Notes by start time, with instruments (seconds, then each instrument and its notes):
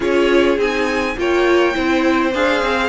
0.00 cello C#4, viola F4, violin G#4 C#5
0.57 cello C4, viola D#4, violin G#5
1.17 cello A#3, viola F4, violin C#5 G5
1.73 cello C4, viola E4, violin C5
2.33 cello D4, viola G#4, violin F5
2.62 cello C4